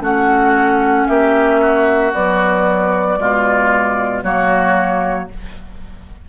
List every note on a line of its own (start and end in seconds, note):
0.00 1.05 A3
0.00 2.12 C#4
0.00 1.08 F#4
0.00 1.07 F#5
1.07 2.13 A#3
1.07 1.61 G4
1.07 2.12 E5
1.61 3.19 F#4
2.13 3.17 F#3
2.13 3.18 B3
2.13 4.23 D5
3.17 4.23 B2
3.17 4.22 G#3
3.17 4.24 F4
4.23 5.28 F#3
4.23 5.28 A#3
4.23 5.29 F#4
4.23 5.28 C#5